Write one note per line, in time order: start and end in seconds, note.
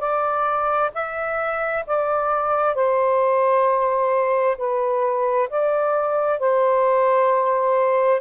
0.00 0.91 D5
0.94 1.85 E5
1.87 2.75 D5
2.75 4.57 C5
4.58 5.49 B4
5.50 6.40 D5
6.40 8.21 C5